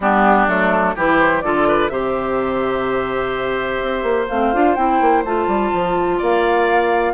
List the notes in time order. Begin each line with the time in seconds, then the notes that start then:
0.00 G3 B3 D4 G4
0.47 F#3 A3 A4
0.95 E3 E4 G4 B4
1.18 C5
1.41 D3 F4 A4 D5
1.68 B4
1.89 C3 G4 C5 E5
3.81 C4
4.02 A#3
4.27 A3 C4 F5
4.53 D4 F4
4.75 C4 E4 G5
5.00 A#3
5.24 A3 F4 A5
5.47 G3
5.73 F3
6.18 A#3 D5 F5